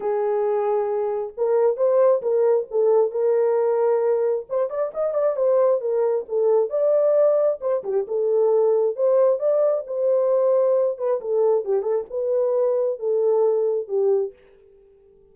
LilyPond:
\new Staff \with { instrumentName = "horn" } { \time 4/4 \tempo 4 = 134 gis'2. ais'4 | c''4 ais'4 a'4 ais'4~ | ais'2 c''8 d''8 dis''8 d''8 | c''4 ais'4 a'4 d''4~ |
d''4 c''8 g'8 a'2 | c''4 d''4 c''2~ | c''8 b'8 a'4 g'8 a'8 b'4~ | b'4 a'2 g'4 | }